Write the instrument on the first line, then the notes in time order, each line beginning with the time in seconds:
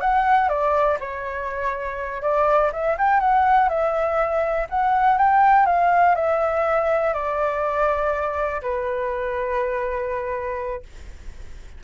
flute
0.00 F#5
0.48 D5
0.99 C#5
2.21 D5
2.72 E5
2.97 G5
3.19 F#5
3.68 E5
4.69 F#5
5.18 G5
5.66 F5
6.15 E5
7.13 D5
8.61 B4